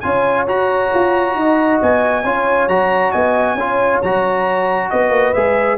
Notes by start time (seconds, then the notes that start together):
0.00 C#4 F4 C#5 G#5
0.47 F#4 A#5
0.94 F4
1.34 D#4 D#5
1.82 B3 G#5
2.24 C#4 F4 C#5
2.68 F#3 F#4 A#5
3.11 B3 D#5 G#5
3.54 C#4 F4 C#5
4.01 F#3 F#4 A#5
4.90 B3 B4 D#5
5.10 A#3
5.33 G#3 G#4 E5